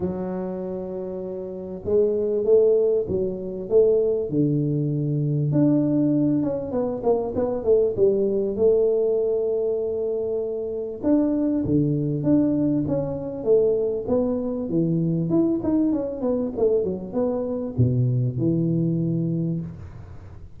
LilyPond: \new Staff \with { instrumentName = "tuba" } { \time 4/4 \tempo 4 = 98 fis2. gis4 | a4 fis4 a4 d4~ | d4 d'4. cis'8 b8 ais8 | b8 a8 g4 a2~ |
a2 d'4 d4 | d'4 cis'4 a4 b4 | e4 e'8 dis'8 cis'8 b8 a8 fis8 | b4 b,4 e2 | }